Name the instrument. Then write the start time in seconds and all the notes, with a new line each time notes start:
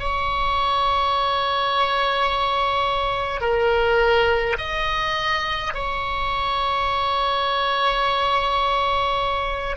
oboe
0.00 C#5
3.41 A#4
4.58 D#5
5.74 C#5